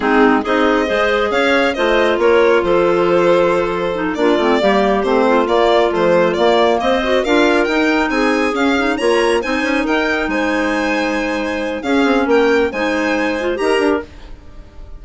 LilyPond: <<
  \new Staff \with { instrumentName = "violin" } { \time 4/4 \tempo 4 = 137 gis'4 dis''2 f''4 | dis''4 cis''4 c''2~ | c''4. d''2 c''8~ | c''8 d''4 c''4 d''4 dis''8~ |
dis''8 f''4 g''4 gis''4 f''8~ | f''8 ais''4 gis''4 g''4 gis''8~ | gis''2. f''4 | g''4 gis''2 ais''4 | }
  \new Staff \with { instrumentName = "clarinet" } { \time 4/4 dis'4 gis'4 c''4 cis''4 | c''4 ais'4 a'2~ | a'4. f'4 g'4. | f'2.~ f'8 c''8~ |
c''8 ais'2 gis'4.~ | gis'8 cis''4 c''4 ais'4 c''8~ | c''2. gis'4 | ais'4 c''2 ais'4 | }
  \new Staff \with { instrumentName = "clarinet" } { \time 4/4 c'4 dis'4 gis'2 | f'1~ | f'4 dis'8 d'8 c'8 ais4 c'8~ | c'8 ais4 f4 ais4. |
fis'8 f'4 dis'2 cis'8 | dis'8 f'4 dis'2~ dis'8~ | dis'2. cis'4~ | cis'4 dis'4. f'8 g'4 | }
  \new Staff \with { instrumentName = "bassoon" } { \time 4/4 gis4 c'4 gis4 cis'4 | a4 ais4 f2~ | f4. ais8 a8 g4 a8~ | a8 ais4 a4 ais4 c'8~ |
c'8 d'4 dis'4 c'4 cis'8~ | cis'8 ais4 c'8 cis'8 dis'4 gis8~ | gis2. cis'8 c'8 | ais4 gis2 dis'8 d'8 | }
>>